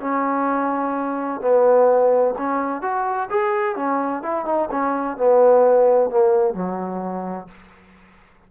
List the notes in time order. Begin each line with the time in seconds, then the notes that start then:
0.00 C#4
1.41 B3
2.37 C#4
2.82 F#4
3.30 G#4
3.76 C#4
4.22 E4
4.45 D#4
4.71 C#4
5.16 B3
6.10 A#3
6.54 F#3